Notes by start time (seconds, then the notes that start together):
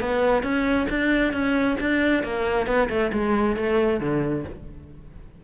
0.00 B3
0.43 C#4
0.89 D4
1.33 C#4
1.80 D4
2.23 A#3
2.66 B3
2.89 A3
3.12 G#3
3.56 A3
4.00 D3